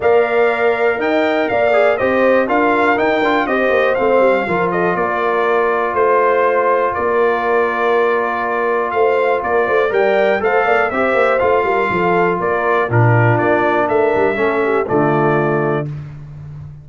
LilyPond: <<
  \new Staff \with { instrumentName = "trumpet" } { \time 4/4 \tempo 4 = 121 f''2 g''4 f''4 | dis''4 f''4 g''4 dis''4 | f''4. dis''8 d''2 | c''2 d''2~ |
d''2 f''4 d''4 | g''4 f''4 e''4 f''4~ | f''4 d''4 ais'4 d''4 | e''2 d''2 | }
  \new Staff \with { instrumentName = "horn" } { \time 4/4 d''2 dis''4 d''4 | c''4 ais'2 c''4~ | c''4 ais'8 a'8 ais'2 | c''2 ais'2~ |
ais'2 c''4 ais'8 c''8 | d''4 c''8 d''8 c''4. ais'8 | a'4 ais'4 f'2 | ais'4 a'8 g'8 f'2 | }
  \new Staff \with { instrumentName = "trombone" } { \time 4/4 ais'2.~ ais'8 gis'8 | g'4 f'4 dis'8 f'8 g'4 | c'4 f'2.~ | f'1~ |
f'1 | ais'4 a'4 g'4 f'4~ | f'2 d'2~ | d'4 cis'4 a2 | }
  \new Staff \with { instrumentName = "tuba" } { \time 4/4 ais2 dis'4 ais4 | c'4 d'4 dis'8 d'8 c'8 ais8 | a8 g8 f4 ais2 | a2 ais2~ |
ais2 a4 ais8 a8 | g4 a8 ais8 c'8 ais8 a8 g8 | f4 ais4 ais,4 ais4 | a8 g8 a4 d2 | }
>>